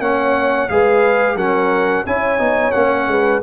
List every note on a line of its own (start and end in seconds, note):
0.00 0.68 A#3
0.00 0.69 C#4
0.00 0.70 C#5
0.00 0.69 F#5
0.69 1.36 G#3
0.69 1.38 G#4
0.69 1.37 B4
0.69 1.37 F5
1.36 2.04 F#3
1.36 2.06 C#4
1.36 2.05 A#4
1.36 2.06 F#5
2.06 2.40 C#4
2.06 2.38 E4
2.06 3.10 C#5
2.06 2.72 G#5
2.38 2.74 B3
2.38 2.73 D#4
2.72 3.08 A#3
2.72 3.42 C#4
2.72 3.40 F#5
3.08 3.42 G#3
3.08 3.43 B4